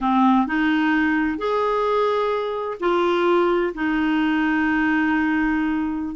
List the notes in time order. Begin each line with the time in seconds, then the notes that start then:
0.00 C4
0.47 D#4
1.38 G#4
2.80 F4
3.74 D#4